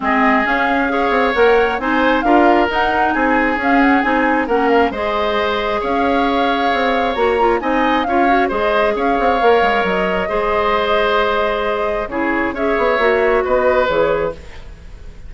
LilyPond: <<
  \new Staff \with { instrumentName = "flute" } { \time 4/4 \tempo 4 = 134 dis''4 f''2 fis''4 | gis''4 f''4 fis''4 gis''4 | f''8 fis''8 gis''4 fis''8 f''8 dis''4~ | dis''4 f''2. |
ais''4 gis''4 f''4 dis''4 | f''2 dis''2~ | dis''2. cis''4 | e''2 dis''4 cis''4 | }
  \new Staff \with { instrumentName = "oboe" } { \time 4/4 gis'2 cis''2 | c''4 ais'2 gis'4~ | gis'2 ais'4 c''4~ | c''4 cis''2.~ |
cis''4 dis''4 cis''4 c''4 | cis''2. c''4~ | c''2. gis'4 | cis''2 b'2 | }
  \new Staff \with { instrumentName = "clarinet" } { \time 4/4 c'4 cis'4 gis'4 ais'4 | dis'4 f'4 dis'2 | cis'4 dis'4 cis'4 gis'4~ | gis'1 |
fis'8 f'8 dis'4 f'8 fis'8 gis'4~ | gis'4 ais'2 gis'4~ | gis'2. e'4 | gis'4 fis'2 gis'4 | }
  \new Staff \with { instrumentName = "bassoon" } { \time 4/4 gis4 cis'4. c'8 ais4 | c'4 d'4 dis'4 c'4 | cis'4 c'4 ais4 gis4~ | gis4 cis'2 c'4 |
ais4 c'4 cis'4 gis4 | cis'8 c'8 ais8 gis8 fis4 gis4~ | gis2. cis4 | cis'8 b8 ais4 b4 e4 | }
>>